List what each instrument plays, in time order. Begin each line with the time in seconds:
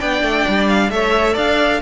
0.00 cello B3, viola D4, violin D5 G5
0.23 cello A3
0.48 cello G3
0.68 violin F5
0.91 cello A3, viola A4, violin C#5 E5
1.34 cello D4, violin D5 F5